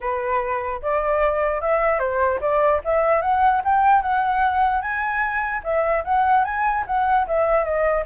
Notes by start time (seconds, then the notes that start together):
0.00 B4
0.82 D5
1.61 E5
1.99 C5
2.41 D5
2.84 E5
3.21 F#5
3.64 G5
4.02 F#5
4.81 G#5
5.63 E5
6.04 F#5
6.44 G#5
6.86 F#5
7.27 E5
7.64 D#5